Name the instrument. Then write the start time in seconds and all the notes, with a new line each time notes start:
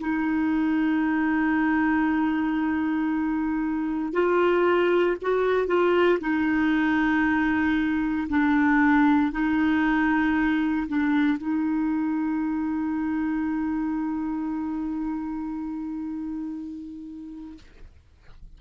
clarinet
0.00 D#4
4.13 F4
5.22 F#4
5.68 F4
6.21 D#4
8.29 D4
9.32 D#4
10.88 D4
11.38 D#4